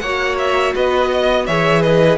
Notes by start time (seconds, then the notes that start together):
0.00 A#3 F#4 C#5 F#5
0.38 E5
0.75 B3 B4 D#5
1.12 D#5
1.47 E3 G#4 C#5 E5
1.83 B4 D#5